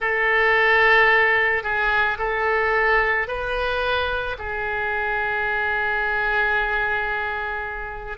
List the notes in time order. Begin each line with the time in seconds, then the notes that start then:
0.00 A4
1.63 G#4
2.18 A4
3.27 B4
4.38 G#4